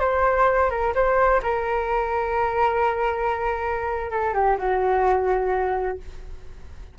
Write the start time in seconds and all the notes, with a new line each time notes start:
0.00 C5
0.70 A#4
0.95 C5
1.43 A#4
4.11 A4
4.34 G4
4.58 F#4